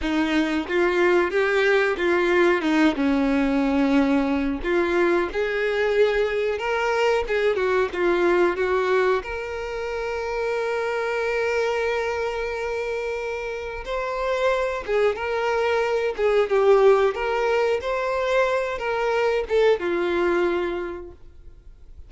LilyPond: \new Staff \with { instrumentName = "violin" } { \time 4/4 \tempo 4 = 91 dis'4 f'4 g'4 f'4 | dis'8 cis'2~ cis'8 f'4 | gis'2 ais'4 gis'8 fis'8 | f'4 fis'4 ais'2~ |
ais'1~ | ais'4 c''4. gis'8 ais'4~ | ais'8 gis'8 g'4 ais'4 c''4~ | c''8 ais'4 a'8 f'2 | }